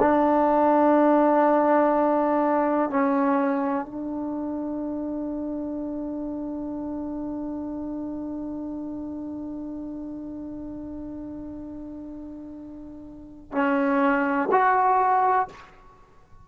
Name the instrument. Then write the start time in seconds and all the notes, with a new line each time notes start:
trombone
0.00 D4
2.90 C#4
3.86 D4
13.52 C#4
14.52 F#4